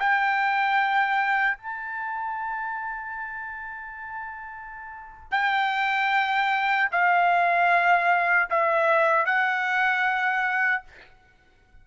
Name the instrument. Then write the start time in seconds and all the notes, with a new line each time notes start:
trumpet
0.00 G5
1.58 A5
5.32 G5
6.92 F5
8.50 E5
9.26 F#5